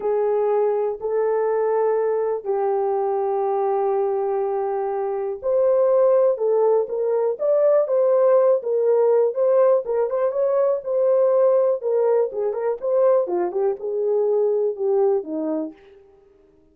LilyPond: \new Staff \with { instrumentName = "horn" } { \time 4/4 \tempo 4 = 122 gis'2 a'2~ | a'4 g'2.~ | g'2. c''4~ | c''4 a'4 ais'4 d''4 |
c''4. ais'4. c''4 | ais'8 c''8 cis''4 c''2 | ais'4 gis'8 ais'8 c''4 f'8 g'8 | gis'2 g'4 dis'4 | }